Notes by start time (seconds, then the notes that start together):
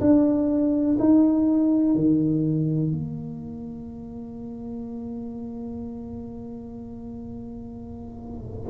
0.00 D4
0.99 D#4
1.94 D#3
2.91 A#3